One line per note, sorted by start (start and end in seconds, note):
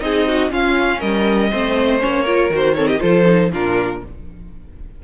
0.00 0.51 C4
0.00 0.50 D#4
0.00 0.28 G#4
0.00 0.50 D#5
0.28 0.51 F#4
0.50 1.50 C#4
0.50 1.01 C#4
0.50 0.99 F4
0.50 1.00 F5
0.99 1.51 G3
0.99 1.49 A#4
0.99 2.00 D#5
1.50 2.03 A3
1.50 1.99 C4
1.50 2.23 C5
1.99 2.49 A#3
1.99 2.24 C#4
1.99 2.51 C#5
2.23 2.50 F4
2.23 2.73 A#4
2.49 2.99 D#3
2.49 2.75 F#4
2.55 2.75 C5
2.75 2.99 C4
2.75 2.86 A4
2.75 2.87 C#5
2.86 2.99 G4
2.86 3.00 D#5
2.99 3.52 F3
2.99 3.24 F4
2.99 3.51 A4
2.99 3.50 C5
3.25 3.50 D#4
3.52 4.02 A#2
3.52 4.03 D4
3.52 4.02 F4
3.52 4.04 A#4